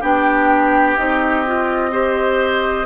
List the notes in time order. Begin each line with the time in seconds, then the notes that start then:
0.00 B3 D4 G4 G5
0.96 C4 D#4 D#5
1.46 F4
1.91 G4 C5